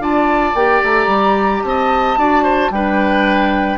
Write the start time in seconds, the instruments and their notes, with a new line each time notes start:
0.00 bassoon D4, clarinet F4, oboe D5, flute A5
0.55 bassoon A#3, clarinet G4, flute G5
0.84 bassoon A3, flute A#5
1.07 bassoon G3
1.64 bassoon C4, oboe D#5, flute A5
2.18 bassoon D4, clarinet F#4, oboe D5
2.44 oboe C5
2.70 bassoon G3, clarinet D4, oboe B4, flute G5